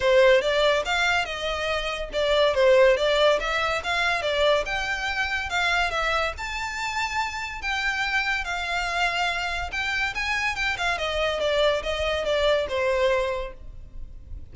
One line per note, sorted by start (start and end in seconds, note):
0.00 0.41 C5
0.41 0.83 D5
0.85 1.25 F5
1.25 2.09 D#5
2.12 2.54 D5
2.54 2.96 C5
2.97 3.39 D5
3.39 3.82 E5
3.83 4.22 F5
4.22 4.64 D5
4.65 5.49 G5
5.49 5.91 F5
5.91 6.33 E5
6.37 7.61 A5
7.61 8.44 G5
8.44 9.71 F5
9.71 10.14 G5
10.14 10.55 G#5
10.55 10.77 G5
10.77 10.98 F5
10.98 11.40 D#5
11.40 11.82 D5
11.82 12.24 D#5
12.24 12.66 D5
12.69 13.53 C5